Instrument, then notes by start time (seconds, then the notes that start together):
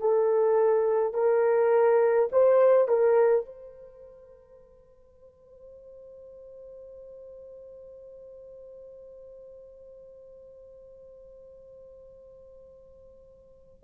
horn
0.00 A4
1.13 A#4
2.32 C5
2.88 A#4
3.46 C5